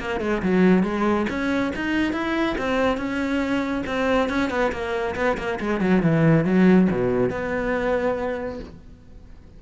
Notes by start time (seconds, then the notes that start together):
0.00 A#3
0.21 G#3
0.43 F#3
0.84 G#3
1.30 C#4
1.76 D#4
2.13 E4
2.58 C4
2.97 C#4
3.87 C4
4.30 C#4
4.50 B3
4.72 A#3
5.16 B3
5.38 A#3
5.60 G#3
5.81 F#3
6.03 E3
6.45 F#3
6.91 B2
7.30 B3